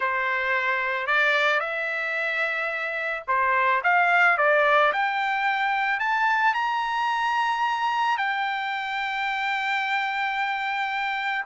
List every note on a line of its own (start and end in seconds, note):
0.00 1.06 C5
1.06 1.59 D5
1.59 3.23 E5
3.27 3.82 C5
3.83 4.37 F5
4.37 4.92 D5
4.92 5.99 G5
5.99 6.53 A5
6.53 8.17 A#5
8.17 11.44 G5